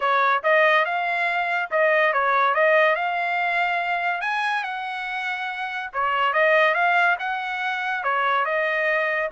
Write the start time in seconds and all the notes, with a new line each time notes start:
0.00 C#5
0.43 D#5
0.85 F5
1.70 D#5
2.13 C#5
2.54 D#5
2.95 F5
4.21 G#5
4.63 F#5
5.93 C#5
6.33 D#5
6.74 F5
7.19 F#5
8.03 C#5
8.45 D#5